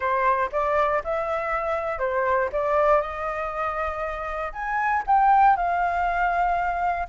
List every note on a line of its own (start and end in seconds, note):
0.00 0.49 C5
0.52 1.02 D5
1.04 1.98 E5
1.98 2.49 C5
2.52 3.01 D5
3.01 4.52 D#5
4.52 5.03 G#5
5.06 5.56 G5
5.56 7.07 F5